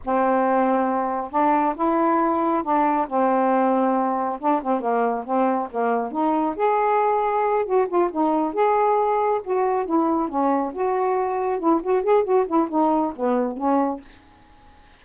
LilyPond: \new Staff \with { instrumentName = "saxophone" } { \time 4/4 \tempo 4 = 137 c'2. d'4 | e'2 d'4 c'4~ | c'2 d'8 c'8 ais4 | c'4 ais4 dis'4 gis'4~ |
gis'4. fis'8 f'8 dis'4 gis'8~ | gis'4. fis'4 e'4 cis'8~ | cis'8 fis'2 e'8 fis'8 gis'8 | fis'8 e'8 dis'4 b4 cis'4 | }